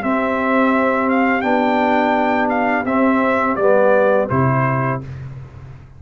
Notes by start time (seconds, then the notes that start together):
0.00 C4 G4 E5
1.09 F5
1.41 B3 D4 G5
2.49 F5
2.85 C4 E5
3.56 G3 B3 D5
4.29 C3 E4 C5